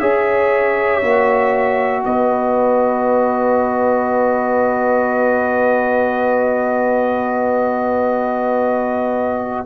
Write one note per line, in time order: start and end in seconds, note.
0.00 1.02 C#4
0.00 1.03 G#4
0.00 2.03 C#5
0.00 2.04 E5
1.02 2.04 A#3
1.02 9.66 F#4
2.05 9.66 B3
2.05 9.66 B4
2.05 9.66 D#5